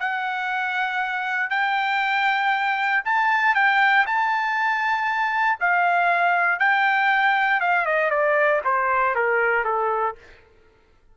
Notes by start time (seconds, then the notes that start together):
0.00 F#5
1.51 G5
3.05 A5
3.55 G5
4.07 A5
5.61 F5
6.60 G5
7.61 F5
7.86 D#5
8.11 D5
8.65 C5
9.16 A#4
9.65 A4